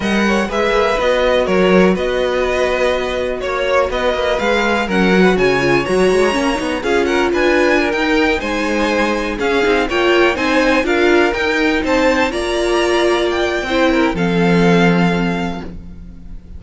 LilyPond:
<<
  \new Staff \with { instrumentName = "violin" } { \time 4/4 \tempo 4 = 123 fis''4 e''4 dis''4 cis''4 | dis''2. cis''4 | dis''4 f''4 fis''4 gis''4 | ais''2 f''8 fis''8 gis''4~ |
gis''16 g''4 gis''2 f''8.~ | f''16 g''4 gis''4 f''4 g''8.~ | g''16 a''4 ais''2 g''8.~ | g''4 f''2. | }
  \new Staff \with { instrumentName = "violin" } { \time 4/4 dis''8 cis''8 b'2 ais'4 | b'2. cis''4 | b'2 ais'8. b'16 cis''4~ | cis''2 gis'8 ais'8 b'4 |
ais'4~ ais'16 c''2 gis'8.~ | gis'16 cis''4 c''4 ais'4.~ ais'16~ | ais'16 c''4 d''2~ d''8. | c''8 ais'8 a'2. | }
  \new Staff \with { instrumentName = "viola" } { \time 4/4 ais'4 gis'4 fis'2~ | fis'1~ | fis'4 gis'4 cis'8 fis'4 f'8 | fis'4 cis'8 dis'8 f'2~ |
f'16 dis'2. cis'8 dis'16~ | dis'16 f'4 dis'4 f'4 dis'8.~ | dis'4~ dis'16 f'2~ f'8. | e'4 c'2. | }
  \new Staff \with { instrumentName = "cello" } { \time 4/4 g4 gis8 ais8 b4 fis4 | b2. ais4 | b8 ais8 gis4 fis4 cis4 | fis8 gis8 ais8 b8 cis'4 d'4~ |
d'16 dis'4 gis2 cis'8 c'16~ | c'16 ais4 c'4 d'4 dis'8.~ | dis'16 c'4 ais2~ ais8. | c'4 f2. | }
>>